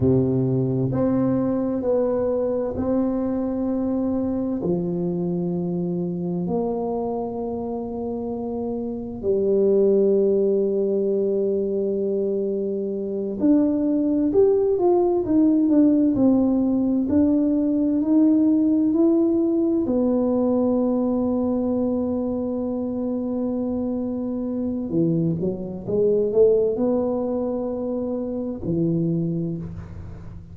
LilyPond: \new Staff \with { instrumentName = "tuba" } { \time 4/4 \tempo 4 = 65 c4 c'4 b4 c'4~ | c'4 f2 ais4~ | ais2 g2~ | g2~ g8 d'4 g'8 |
f'8 dis'8 d'8 c'4 d'4 dis'8~ | dis'8 e'4 b2~ b8~ | b2. e8 fis8 | gis8 a8 b2 e4 | }